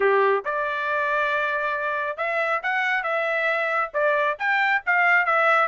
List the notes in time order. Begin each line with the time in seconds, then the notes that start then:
0.00 G4
0.44 D5
2.17 E5
2.63 F#5
3.03 E5
3.93 D5
4.38 G5
4.85 F5
5.25 E5